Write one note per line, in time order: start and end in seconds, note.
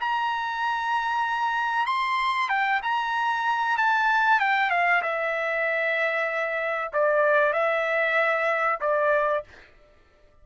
0.00 1.86 A#5
1.86 2.49 C6
2.49 2.80 G5
2.82 3.77 A#5
3.77 4.40 A5
4.40 4.70 G5
4.70 5.02 F5
5.02 6.91 E5
6.93 7.53 D5
7.53 8.79 E5
8.80 9.44 D5